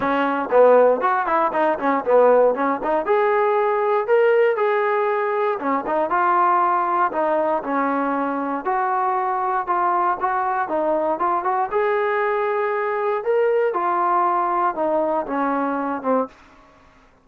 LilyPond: \new Staff \with { instrumentName = "trombone" } { \time 4/4 \tempo 4 = 118 cis'4 b4 fis'8 e'8 dis'8 cis'8 | b4 cis'8 dis'8 gis'2 | ais'4 gis'2 cis'8 dis'8 | f'2 dis'4 cis'4~ |
cis'4 fis'2 f'4 | fis'4 dis'4 f'8 fis'8 gis'4~ | gis'2 ais'4 f'4~ | f'4 dis'4 cis'4. c'8 | }